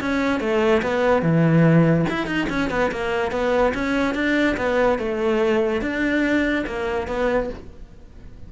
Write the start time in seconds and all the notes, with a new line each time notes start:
0.00 C#4
0.40 A3
0.82 B3
1.22 E3
2.09 E4
2.26 D#4
2.49 C#4
2.70 B3
2.91 A#3
3.31 B3
3.74 C#4
4.14 D4
4.57 B3
4.98 A3
5.81 D4
6.66 A#3
7.07 B3